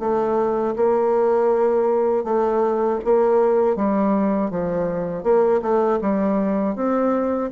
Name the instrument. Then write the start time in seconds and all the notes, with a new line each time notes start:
bassoon
0.00 A3
0.76 A#3
2.24 A3
3.04 A#3
3.76 G3
4.51 F3
5.24 A#3
5.62 A3
6.01 G3
6.76 C4